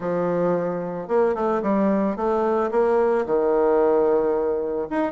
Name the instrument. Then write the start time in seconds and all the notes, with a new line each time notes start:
bassoon
0.00 F3
1.08 A#3
1.34 A3
1.62 G3
2.16 A3
2.71 A#3
3.26 D#3
4.90 D#4